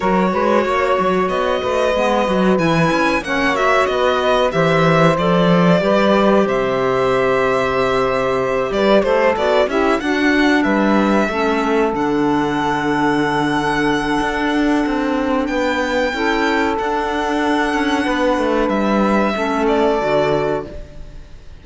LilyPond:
<<
  \new Staff \with { instrumentName = "violin" } { \time 4/4 \tempo 4 = 93 cis''2 dis''2 | gis''4 fis''8 e''8 dis''4 e''4 | d''2 e''2~ | e''4. d''8 c''8 d''8 e''8 fis''8~ |
fis''8 e''2 fis''4.~ | fis''1 | g''2 fis''2~ | fis''4 e''4. d''4. | }
  \new Staff \with { instrumentName = "saxophone" } { \time 4/4 ais'8 b'8 cis''4. b'4.~ | b'4 cis''4 b'4 c''4~ | c''4 b'4 c''2~ | c''4. b'8 a'4 g'8 fis'8~ |
fis'8 b'4 a'2~ a'8~ | a'1 | b'4 a'2. | b'2 a'2 | }
  \new Staff \with { instrumentName = "clarinet" } { \time 4/4 fis'2. b8 fis'8 | e'4 cis'8 fis'4. g'4 | a'4 g'2.~ | g'2~ g'8 fis'8 e'8 d'8~ |
d'4. cis'4 d'4.~ | d'1~ | d'4 e'4 d'2~ | d'2 cis'4 fis'4 | }
  \new Staff \with { instrumentName = "cello" } { \time 4/4 fis8 gis8 ais8 fis8 b8 a8 gis8 fis8 | e8 cis'8 ais4 b4 e4 | f4 g4 c2~ | c4. g8 a8 b8 cis'8 d'8~ |
d'8 g4 a4 d4.~ | d2 d'4 c'4 | b4 cis'4 d'4. cis'8 | b8 a8 g4 a4 d4 | }
>>